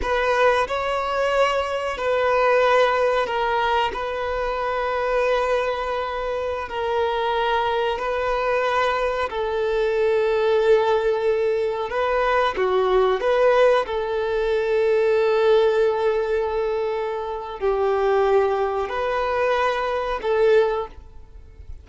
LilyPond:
\new Staff \with { instrumentName = "violin" } { \time 4/4 \tempo 4 = 92 b'4 cis''2 b'4~ | b'4 ais'4 b'2~ | b'2~ b'16 ais'4.~ ais'16~ | ais'16 b'2 a'4.~ a'16~ |
a'2~ a'16 b'4 fis'8.~ | fis'16 b'4 a'2~ a'8.~ | a'2. g'4~ | g'4 b'2 a'4 | }